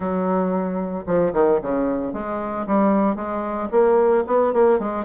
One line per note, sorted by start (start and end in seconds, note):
0.00 1.04 F#3
1.06 1.33 F3
1.33 1.59 D#3
1.62 2.13 C#3
2.13 2.66 G#3
2.66 3.15 G3
3.15 3.69 G#3
3.71 4.24 A#3
4.26 4.53 B3
4.53 4.79 A#3
4.79 5.04 G#3